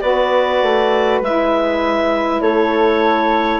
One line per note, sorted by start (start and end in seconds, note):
0.00 0.62 B3
0.00 1.22 F#4
0.00 2.41 B4
0.00 1.20 D5
0.62 1.21 A3
1.21 2.40 G#3
1.21 3.60 E4
1.21 2.41 E5
2.40 3.60 A3
2.40 3.60 A4
2.40 3.60 C#5